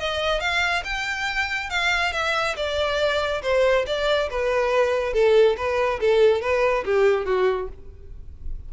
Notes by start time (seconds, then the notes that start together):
0.00 D#5
0.41 F5
0.85 G5
1.70 F5
2.13 E5
2.57 D5
3.43 C5
3.87 D5
4.31 B4
5.14 A4
5.57 B4
6.01 A4
6.42 B4
6.86 G4
7.26 F#4